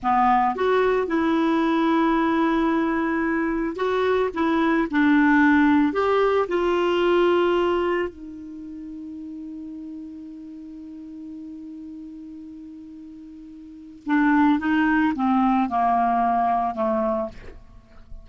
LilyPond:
\new Staff \with { instrumentName = "clarinet" } { \time 4/4 \tempo 4 = 111 b4 fis'4 e'2~ | e'2. fis'4 | e'4 d'2 g'4 | f'2. dis'4~ |
dis'1~ | dis'1~ | dis'2 d'4 dis'4 | c'4 ais2 a4 | }